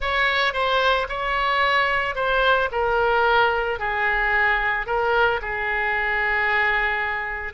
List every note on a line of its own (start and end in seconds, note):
0.00 0.53 C#5
0.53 1.07 C5
1.08 2.15 C#5
2.15 2.69 C5
2.71 3.79 A#4
3.79 4.86 G#4
4.86 5.40 A#4
5.41 7.53 G#4